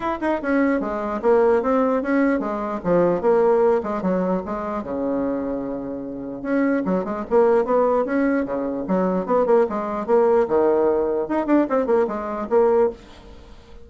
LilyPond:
\new Staff \with { instrumentName = "bassoon" } { \time 4/4 \tempo 4 = 149 e'8 dis'8 cis'4 gis4 ais4 | c'4 cis'4 gis4 f4 | ais4. gis8 fis4 gis4 | cis1 |
cis'4 fis8 gis8 ais4 b4 | cis'4 cis4 fis4 b8 ais8 | gis4 ais4 dis2 | dis'8 d'8 c'8 ais8 gis4 ais4 | }